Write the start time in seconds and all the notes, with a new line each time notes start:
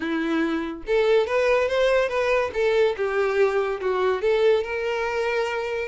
0.00 E4
0.87 A4
1.26 B4
1.68 C5
2.09 B4
2.53 A4
2.96 G4
3.81 F#4
4.21 A4
4.63 A#4